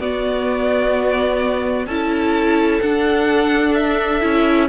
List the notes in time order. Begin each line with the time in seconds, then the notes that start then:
0.00 B3 F#4 D5
1.87 C#4 E4 A4 A5
2.82 D4 F#5
3.74 E5
4.21 C#4 E4